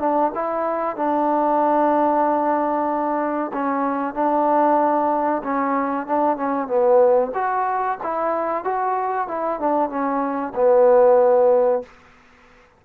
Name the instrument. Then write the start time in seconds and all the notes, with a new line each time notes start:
trombone
0.00 D4
0.35 E4
0.96 D4
3.53 C#4
4.15 D4
5.44 C#4
6.07 D4
6.37 C#4
6.68 B3
7.35 F#4
8.03 E4
8.65 F#4
9.28 E4
9.60 D4
9.90 C#4
10.56 B3